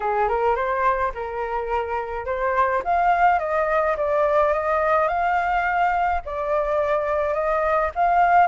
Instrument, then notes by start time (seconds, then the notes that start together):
flute
0.00 G#4
0.28 A#4
0.55 C5
1.14 A#4
2.25 C5
2.84 F5
3.39 D#5
3.96 D5
4.53 D#5
5.08 F5
6.25 D5
7.34 D#5
7.95 F5